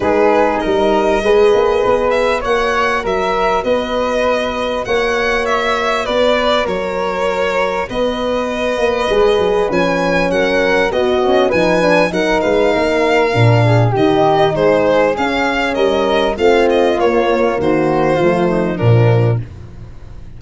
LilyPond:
<<
  \new Staff \with { instrumentName = "violin" } { \time 4/4 \tempo 4 = 99 b'4 dis''2~ dis''8 e''8 | fis''4 e''4 dis''2 | fis''4 e''4 d''4 cis''4~ | cis''4 dis''2. |
gis''4 fis''4 dis''4 gis''4 | fis''8 f''2~ f''8 dis''4 | c''4 f''4 dis''4 f''8 dis''8 | cis''4 c''2 ais'4 | }
  \new Staff \with { instrumentName = "flute" } { \time 4/4 gis'4 ais'4 b'2 | cis''4 ais'4 b'2 | cis''2 b'4 ais'4~ | ais'4 b'2.~ |
b'4 ais'4 fis'4 b'4 | ais'8 b'8 ais'4. gis'8 g'4 | gis'2 ais'4 f'4~ | f'4 fis'4 f'8 dis'8 d'4 | }
  \new Staff \with { instrumentName = "horn" } { \time 4/4 dis'2 gis'2 | fis'1~ | fis'1~ | fis'2. gis'4 |
cis'2 b8 cis'8 dis'8 d'8 | dis'2 d'4 dis'4~ | dis'4 cis'2 c'4 | ais2 a4 f4 | }
  \new Staff \with { instrumentName = "tuba" } { \time 4/4 gis4 g4 gis8 ais8 b4 | ais4 fis4 b2 | ais2 b4 fis4~ | fis4 b4. ais8 gis8 fis8 |
f4 fis4 b4 f4 | fis8 gis8 ais4 ais,4 dis4 | gis4 cis'4 g4 a4 | ais4 dis4 f4 ais,4 | }
>>